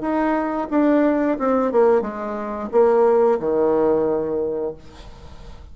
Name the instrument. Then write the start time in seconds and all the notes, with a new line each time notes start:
bassoon
0.00 D#4
0.70 D4
1.38 C4
1.72 A#3
2.01 G#3
2.72 A#3
3.39 D#3